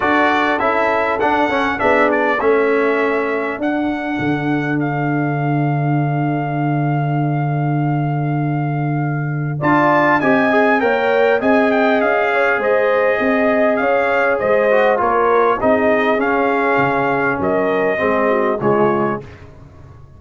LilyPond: <<
  \new Staff \with { instrumentName = "trumpet" } { \time 4/4 \tempo 4 = 100 d''4 e''4 fis''4 e''8 d''8 | e''2 fis''2 | f''1~ | f''1 |
a''4 gis''4 g''4 gis''8 g''8 | f''4 dis''2 f''4 | dis''4 cis''4 dis''4 f''4~ | f''4 dis''2 cis''4 | }
  \new Staff \with { instrumentName = "horn" } { \time 4/4 a'2. gis'4 | a'1~ | a'1~ | a'1 |
d''4 dis''4 cis''4 dis''4~ | dis''8 cis''8 c''4 dis''4 cis''4 | c''4 ais'4 gis'2~ | gis'4 ais'4 gis'8 fis'8 f'4 | }
  \new Staff \with { instrumentName = "trombone" } { \time 4/4 fis'4 e'4 d'8 cis'8 d'4 | cis'2 d'2~ | d'1~ | d'1 |
f'4 g'8 gis'8 ais'4 gis'4~ | gis'1~ | gis'8 fis'8 f'4 dis'4 cis'4~ | cis'2 c'4 gis4 | }
  \new Staff \with { instrumentName = "tuba" } { \time 4/4 d'4 cis'4 d'8 cis'8 b4 | a2 d'4 d4~ | d1~ | d1 |
d'4 c'4 ais4 c'4 | cis'4 gis4 c'4 cis'4 | gis4 ais4 c'4 cis'4 | cis4 fis4 gis4 cis4 | }
>>